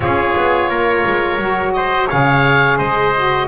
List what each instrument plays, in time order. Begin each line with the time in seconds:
0.00 double bass C#4, saxophone F4, trumpet G#4, oboe C#5
0.36 double bass B3
0.69 double bass A#3, trumpet A#4
1.05 double bass G#3
1.37 double bass F#3, saxophone F#4
1.73 trumpet C5, oboe D#5
2.07 double bass C#3, saxophone G#4, trumpet C#5, oboe F5
2.77 double bass G#3, trumpet C5, oboe D#5
3.15 saxophone F#4